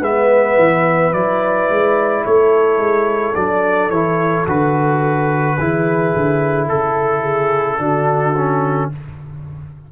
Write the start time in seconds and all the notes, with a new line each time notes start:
0.00 G#3 B3 B4 E5
0.58 E3
1.12 F#3 E4 D5
1.69 G#3
2.25 A3 A4 C#5
2.78 G#3
3.35 F#3 D4 D5
3.90 E3 E4 C#5
4.47 D3 F#4 B4
5.58 E3 E4 G#4
6.16 D3
6.68 C#3 A4
7.21 G#4
7.78 D3 D4 F#4
8.37 C#4